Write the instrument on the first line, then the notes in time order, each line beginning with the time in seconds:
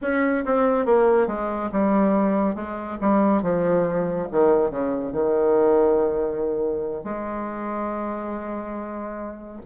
bassoon
0.01 C#4
0.45 C4
0.85 A#3
1.27 G#3
1.72 G3
2.55 G#3
3.00 G3
3.42 F3
4.31 D#3
4.70 C#3
5.12 D#3
7.04 G#3